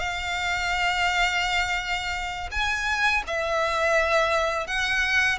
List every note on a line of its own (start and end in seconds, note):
0.00 2.50 F5
2.52 3.23 G#5
3.27 4.67 E5
4.67 5.39 F#5